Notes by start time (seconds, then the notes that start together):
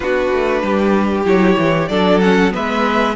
0.00 B3 D4 F#4 B4
0.32 A3
0.62 G3 G4
1.24 F#3 E4 C#5
1.57 E3
1.88 F#3 D4 A4 D5
2.20 C#4 F#5
2.50 G#3 B3 B4 E5